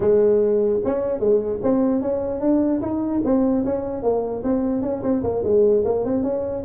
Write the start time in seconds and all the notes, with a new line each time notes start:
0.00 G#3
0.85 C#4
1.19 G#3
1.62 C4
2.01 C#4
2.40 D4
2.81 D#4
3.24 C4
3.65 C#4
4.02 A#3
4.43 C4
4.82 C#4
5.02 C4
5.23 A#3
5.43 G#3
5.85 A#3
6.05 C4
6.23 C#4